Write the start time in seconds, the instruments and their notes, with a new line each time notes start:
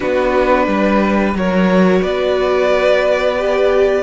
0.00 cello B3, viola D4, violin F#4 B4
0.67 cello G3, violin B4
1.34 cello F#3, viola F#4, violin A#4 C#5
2.02 cello B3, violin B4 D5
3.37 viola G4